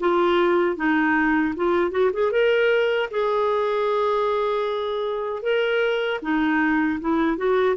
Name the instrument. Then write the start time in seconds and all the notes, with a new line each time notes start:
clarinet
0.00 F4
0.77 D#4
1.56 F4
1.91 F#4
2.13 G#4
2.32 A#4
3.11 G#4
5.43 A#4
6.22 D#4
7.01 E4
7.37 F#4